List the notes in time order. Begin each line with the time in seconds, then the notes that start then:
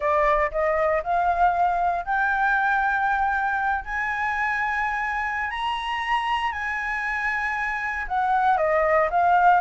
0.00 D5
0.51 D#5
1.03 F5
2.05 G5
3.85 G#5
5.50 A#5
6.52 G#5
8.08 F#5
8.57 D#5
9.10 F5